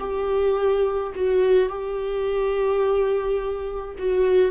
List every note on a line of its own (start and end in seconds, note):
0.00 1.13 G4
1.16 1.69 F#4
1.69 3.96 G4
3.99 4.52 F#4